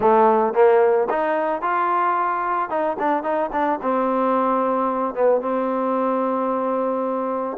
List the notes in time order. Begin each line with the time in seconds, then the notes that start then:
0.00 A3
0.53 A#3
1.09 D#4
1.61 F4
2.69 D#4
2.99 D4
3.23 D#4
3.52 D4
3.82 C4
5.14 B3
5.41 C4